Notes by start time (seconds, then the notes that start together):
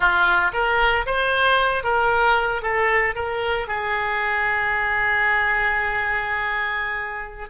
0.00 F4
0.53 A#4
1.06 C5
1.83 A#4
2.62 A4
3.15 A#4
3.67 G#4